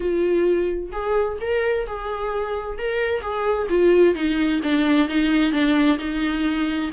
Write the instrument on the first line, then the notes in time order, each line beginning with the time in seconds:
viola
0.00 F4
0.91 G#4
1.41 A#4
1.87 G#4
2.78 A#4
3.21 G#4
3.69 F4
4.14 D#4
4.62 D4
5.08 D#4
5.52 D4
5.98 D#4